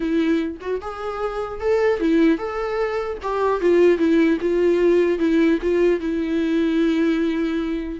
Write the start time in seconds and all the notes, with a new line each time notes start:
0.00 E4
0.60 F#4
0.81 G#4
1.60 A4
2.00 E4
2.38 A4
3.22 G4
3.61 F4
3.97 E4
4.40 F4
5.18 E4
5.62 F4
6.00 E4